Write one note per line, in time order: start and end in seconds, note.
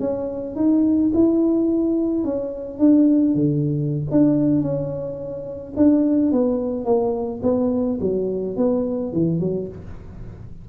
0.00 0.55 C#4
0.55 1.11 D#4
1.14 2.24 E4
2.24 2.79 C#4
2.79 3.35 D4
3.35 4.05 D3
4.11 4.61 D4
4.61 5.73 C#4
5.76 6.32 D4
6.32 6.85 B3
6.85 7.41 A#3
7.43 7.99 B3
8.01 8.57 F#3
8.57 9.12 B3
9.12 9.40 E3
9.40 9.68 F#3